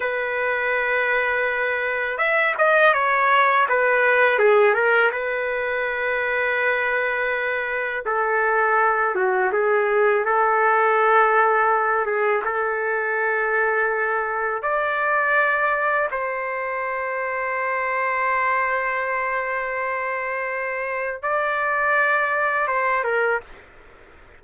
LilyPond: \new Staff \with { instrumentName = "trumpet" } { \time 4/4 \tempo 4 = 82 b'2. e''8 dis''8 | cis''4 b'4 gis'8 ais'8 b'4~ | b'2. a'4~ | a'8 fis'8 gis'4 a'2~ |
a'8 gis'8 a'2. | d''2 c''2~ | c''1~ | c''4 d''2 c''8 ais'8 | }